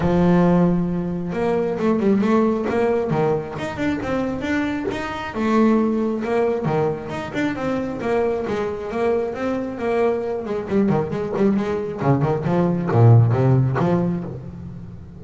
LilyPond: \new Staff \with { instrumentName = "double bass" } { \time 4/4 \tempo 4 = 135 f2. ais4 | a8 g8 a4 ais4 dis4 | dis'8 d'8 c'4 d'4 dis'4 | a2 ais4 dis4 |
dis'8 d'8 c'4 ais4 gis4 | ais4 c'4 ais4. gis8 | g8 dis8 gis8 g8 gis4 cis8 dis8 | f4 ais,4 c4 f4 | }